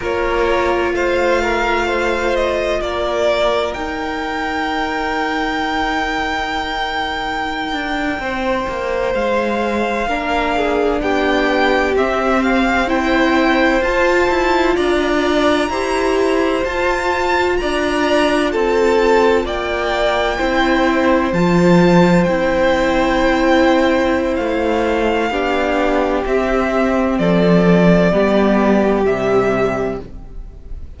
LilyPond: <<
  \new Staff \with { instrumentName = "violin" } { \time 4/4 \tempo 4 = 64 cis''4 f''4. dis''8 d''4 | g''1~ | g''4.~ g''16 f''2 g''16~ | g''8. e''8 f''8 g''4 a''4 ais''16~ |
ais''4.~ ais''16 a''4 ais''4 a''16~ | a''8. g''2 a''4 g''16~ | g''2 f''2 | e''4 d''2 e''4 | }
  \new Staff \with { instrumentName = "violin" } { \time 4/4 ais'4 c''8 ais'8 c''4 ais'4~ | ais'1~ | ais'8. c''2 ais'8 gis'8 g'16~ | g'4.~ g'16 c''2 d''16~ |
d''8. c''2 d''4 a'16~ | a'8. d''4 c''2~ c''16~ | c''2. g'4~ | g'4 a'4 g'2 | }
  \new Staff \with { instrumentName = "viola" } { \time 4/4 f'1 | dis'1~ | dis'2~ dis'8. d'4~ d'16~ | d'8. c'4 e'4 f'4~ f'16~ |
f'8. g'4 f'2~ f'16~ | f'4.~ f'16 e'4 f'4 e'16~ | e'2. d'4 | c'2 b4 g4 | }
  \new Staff \with { instrumentName = "cello" } { \time 4/4 ais4 a2 ais4 | dis'1~ | dis'16 d'8 c'8 ais8 gis4 ais4 b16~ | b8. c'2 f'8 e'8 d'16~ |
d'8. e'4 f'4 d'4 c'16~ | c'8. ais4 c'4 f4 c'16~ | c'2 a4 b4 | c'4 f4 g4 c4 | }
>>